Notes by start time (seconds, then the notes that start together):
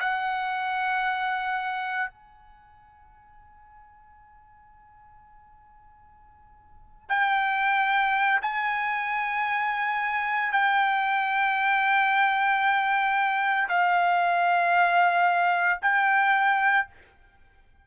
0.00 F#5
2.11 G#5
7.09 G5
8.42 G#5
10.53 G5
13.69 F5
15.82 G5